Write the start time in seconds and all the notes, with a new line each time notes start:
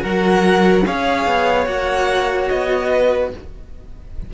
0.00 F#3 F#4 A#4 F#5
0.86 C#4 G#4 C#5 F5
1.27 B3
1.66 A#3 F#4 F#5
2.49 B3 D#5
2.90 B4